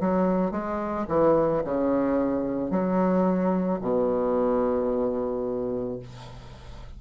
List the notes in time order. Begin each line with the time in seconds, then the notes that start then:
0.00 F#3
0.52 G#3
1.08 E3
1.65 C#3
2.70 F#3
3.81 B2